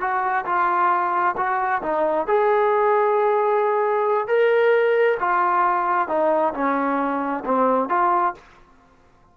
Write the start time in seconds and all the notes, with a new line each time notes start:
0.00 F#4
0.45 F4
1.37 F#4
1.82 D#4
2.27 G#4
4.28 A#4
5.20 F4
6.08 D#4
6.54 C#4
7.45 C4
7.89 F4